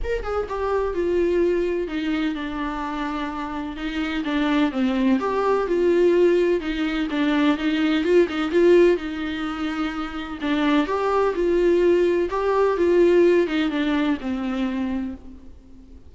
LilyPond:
\new Staff \with { instrumentName = "viola" } { \time 4/4 \tempo 4 = 127 ais'8 gis'8 g'4 f'2 | dis'4 d'2. | dis'4 d'4 c'4 g'4 | f'2 dis'4 d'4 |
dis'4 f'8 dis'8 f'4 dis'4~ | dis'2 d'4 g'4 | f'2 g'4 f'4~ | f'8 dis'8 d'4 c'2 | }